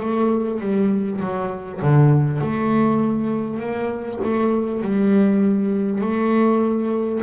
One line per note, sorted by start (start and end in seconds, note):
0.00 0.60 A3
0.60 1.20 G3
1.20 1.80 F#3
1.81 2.41 D3
2.41 3.59 A3
3.59 4.19 A#3
4.23 4.82 A3
4.82 6.01 G3
6.01 7.21 A3